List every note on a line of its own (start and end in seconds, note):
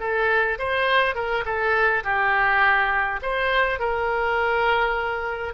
0.00 0.58 A4
0.59 1.15 C5
1.15 1.44 A#4
1.45 2.04 A4
2.04 3.20 G4
3.22 3.80 C5
3.80 5.54 A#4